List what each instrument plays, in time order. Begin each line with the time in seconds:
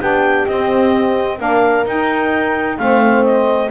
0.00 double bass B3, saxophone D4, horn G4, clarinet G5
0.46 double bass C4, saxophone C4, clarinet D#5
1.38 double bass A#3, saxophone D4, horn A#4, clarinet F5
1.85 double bass D#4, saxophone D#4, clarinet G5
2.77 double bass A3, saxophone C4, horn C5, clarinet F5
3.23 clarinet D#5